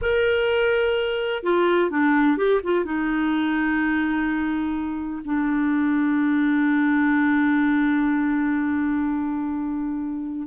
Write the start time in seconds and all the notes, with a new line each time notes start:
0.01 A#4
1.43 F4
1.90 D4
2.37 G4
2.63 F4
2.84 D#4
5.24 D4